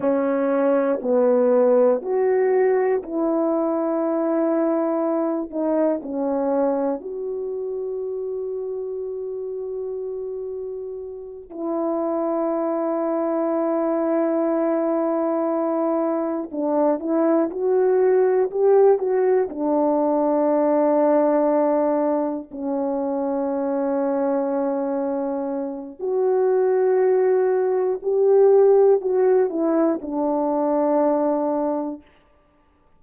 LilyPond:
\new Staff \with { instrumentName = "horn" } { \time 4/4 \tempo 4 = 60 cis'4 b4 fis'4 e'4~ | e'4. dis'8 cis'4 fis'4~ | fis'2.~ fis'8 e'8~ | e'1~ |
e'8 d'8 e'8 fis'4 g'8 fis'8 d'8~ | d'2~ d'8 cis'4.~ | cis'2 fis'2 | g'4 fis'8 e'8 d'2 | }